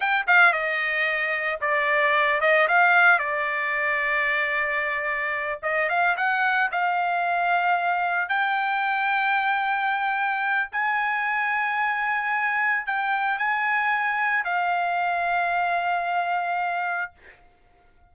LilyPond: \new Staff \with { instrumentName = "trumpet" } { \time 4/4 \tempo 4 = 112 g''8 f''8 dis''2 d''4~ | d''8 dis''8 f''4 d''2~ | d''2~ d''8 dis''8 f''8 fis''8~ | fis''8 f''2. g''8~ |
g''1 | gis''1 | g''4 gis''2 f''4~ | f''1 | }